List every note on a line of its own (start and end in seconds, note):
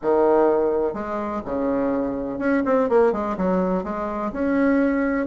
0.02 0.93 D#3
0.93 1.41 G#3
1.45 2.38 C#3
2.38 2.62 C#4
2.65 2.89 C4
2.89 3.12 A#3
3.12 3.36 G#3
3.37 3.83 F#3
3.83 4.31 G#3
4.32 5.26 C#4